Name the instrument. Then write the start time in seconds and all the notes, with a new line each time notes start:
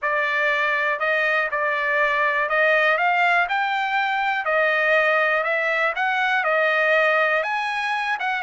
trumpet
0.02 D5
0.99 D#5
1.51 D5
2.49 D#5
2.97 F5
3.48 G5
4.45 D#5
5.43 E5
5.95 F#5
6.43 D#5
7.43 G#5
8.19 F#5